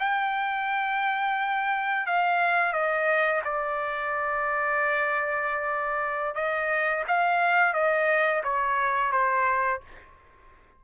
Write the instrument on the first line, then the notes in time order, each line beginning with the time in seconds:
trumpet
0.00 G5
2.07 F5
2.73 D#5
3.45 D5
6.35 D#5
7.08 F5
7.74 D#5
8.44 C#5
9.12 C5